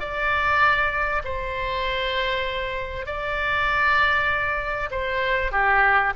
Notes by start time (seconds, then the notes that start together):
0.00 D5
1.24 C5
3.06 D5
4.91 C5
5.52 G4